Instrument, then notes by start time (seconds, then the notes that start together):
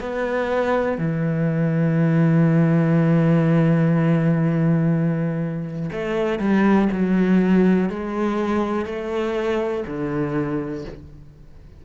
cello
0.00 B3
0.98 E3
5.92 A3
6.39 G3
6.92 F#3
7.89 G#3
8.85 A3
9.86 D3